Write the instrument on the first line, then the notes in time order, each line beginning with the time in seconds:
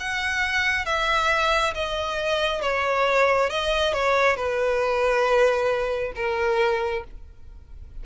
violin
0.00 F#5
0.85 E5
1.74 D#5
2.62 C#5
3.50 D#5
3.94 C#5
4.36 B4
6.16 A#4